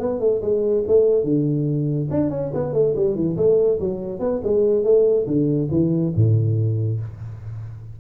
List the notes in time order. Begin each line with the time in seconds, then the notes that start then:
0.00 B3
0.20 A3
0.42 G#3
0.88 A3
1.24 D3
2.10 D4
2.30 C#4
2.54 B3
2.73 A3
2.96 G3
3.16 E3
3.37 A3
3.80 F#3
4.20 B3
4.44 G#3
4.84 A3
5.27 D3
5.71 E3
6.16 A2